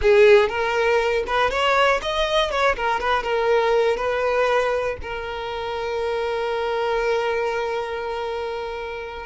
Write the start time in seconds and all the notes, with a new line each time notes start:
0.01 G#4
0.49 A#4
1.26 B4
1.50 C#5
2.02 D#5
2.50 C#5
2.75 A#4
3.00 B4
3.23 A#4
3.96 B4
5.02 A#4